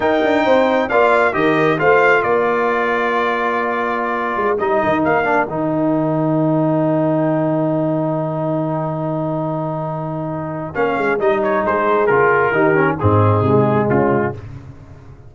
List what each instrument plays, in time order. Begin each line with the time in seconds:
0.00 tuba D#4, trombone D#4, horn A#4, trumpet G5
0.24 tuba D4
0.45 tuba C4, horn C5
0.88 tuba A#3, trombone F4, horn D5, trumpet F5
1.33 tuba D#3, trombone G4, horn A#4, trumpet D#5
1.77 tuba A3, trombone F4, horn C5, trumpet F5
2.22 tuba A#3, horn A#4, trumpet D5
4.36 tuba G#3
4.58 tuba G3, trombone D#4, trumpet D#5
4.83 tuba D#3
5.04 tuba A#3, trumpet F5
5.24 trombone D4
5.47 tuba D#3, trombone D#4, trumpet G5
10.74 tuba A#3, trombone C#4, trumpet F5
10.97 tuba G#3
11.19 tuba G3, trombone D#4, trumpet D#5
11.42 trumpet C#5
11.63 tuba G#3, horn G#4, trumpet C5
12.06 tuba C#3, trombone F4, trumpet A#4
12.51 tuba D#3, trombone D#4, horn G4
12.75 trombone C#4
12.99 tuba G#2, trombone C4, horn D#4, trumpet G#4
13.41 tuba C3, trombone G#3
13.88 tuba C#3, horn C#4, trumpet F4